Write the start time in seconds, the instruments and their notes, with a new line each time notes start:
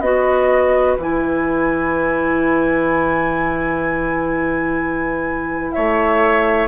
0.00 bassoon B3, clarinet F#4, oboe B4, flute D#5
0.98 bassoon E3, clarinet E4, flute G#5
5.72 bassoon A3, oboe C#5, flute E5